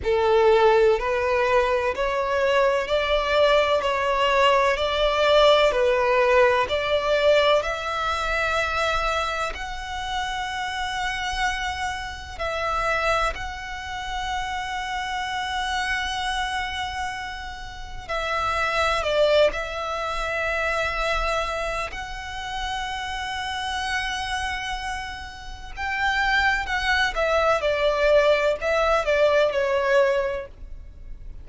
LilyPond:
\new Staff \with { instrumentName = "violin" } { \time 4/4 \tempo 4 = 63 a'4 b'4 cis''4 d''4 | cis''4 d''4 b'4 d''4 | e''2 fis''2~ | fis''4 e''4 fis''2~ |
fis''2. e''4 | d''8 e''2~ e''8 fis''4~ | fis''2. g''4 | fis''8 e''8 d''4 e''8 d''8 cis''4 | }